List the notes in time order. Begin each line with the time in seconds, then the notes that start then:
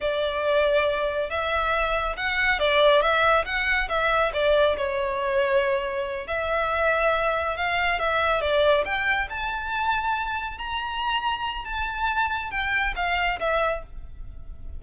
0.01 D5
1.29 E5
2.17 F#5
2.59 D5
3.01 E5
3.45 F#5
3.88 E5
4.33 D5
4.77 C#5
6.27 E5
7.56 F5
7.99 E5
8.41 D5
8.85 G5
9.29 A5
10.58 A#5
11.64 A5
12.50 G5
12.96 F5
13.39 E5